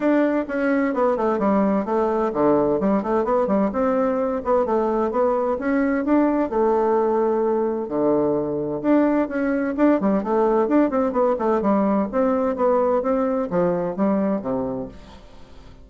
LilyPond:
\new Staff \with { instrumentName = "bassoon" } { \time 4/4 \tempo 4 = 129 d'4 cis'4 b8 a8 g4 | a4 d4 g8 a8 b8 g8 | c'4. b8 a4 b4 | cis'4 d'4 a2~ |
a4 d2 d'4 | cis'4 d'8 g8 a4 d'8 c'8 | b8 a8 g4 c'4 b4 | c'4 f4 g4 c4 | }